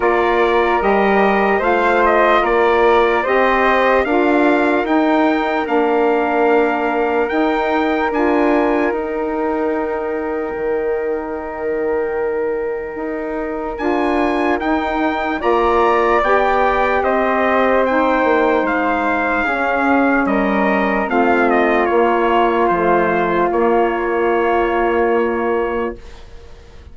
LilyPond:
<<
  \new Staff \with { instrumentName = "trumpet" } { \time 4/4 \tempo 4 = 74 d''4 dis''4 f''8 dis''8 d''4 | dis''4 f''4 g''4 f''4~ | f''4 g''4 gis''4 g''4~ | g''1~ |
g''4 gis''4 g''4 ais''4 | g''4 dis''4 g''4 f''4~ | f''4 dis''4 f''8 dis''8 cis''4 | c''4 cis''2. | }
  \new Staff \with { instrumentName = "flute" } { \time 4/4 ais'2 c''4 ais'4 | c''4 ais'2.~ | ais'1~ | ais'1~ |
ais'2. d''4~ | d''4 c''2. | gis'4 ais'4 f'2~ | f'1 | }
  \new Staff \with { instrumentName = "saxophone" } { \time 4/4 f'4 g'4 f'2 | g'4 f'4 dis'4 d'4~ | d'4 dis'4 f'4 dis'4~ | dis'1~ |
dis'4 f'4 dis'4 f'4 | g'2 dis'2 | cis'2 c'4 ais4 | a4 ais2. | }
  \new Staff \with { instrumentName = "bassoon" } { \time 4/4 ais4 g4 a4 ais4 | c'4 d'4 dis'4 ais4~ | ais4 dis'4 d'4 dis'4~ | dis'4 dis2. |
dis'4 d'4 dis'4 ais4 | b4 c'4. ais8 gis4 | cis'4 g4 a4 ais4 | f4 ais2. | }
>>